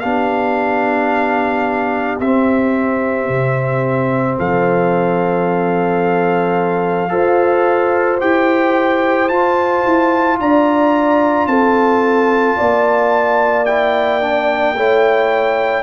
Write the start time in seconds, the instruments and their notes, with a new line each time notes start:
0.00 tuba B3, trombone D4, horn G4, trumpet F5
2.20 tuba C4, trombone C4, trumpet E5
3.29 tuba C3
4.39 tuba F3, horn A4, trumpet F5
7.10 tuba F4, trombone A4, horn C5
8.20 tuba E4, trombone G4, trumpet G5
9.29 tuba F4, trombone F4, trumpet A5
9.86 tuba E4
10.40 tuba D4, horn D5, trumpet A#5
11.47 tuba C4, horn A4, trumpet A5
12.57 tuba A#3, horn D5
13.66 trombone E4, trumpet G5
14.21 trombone D4
14.76 tuba A3, trombone E4, horn C#5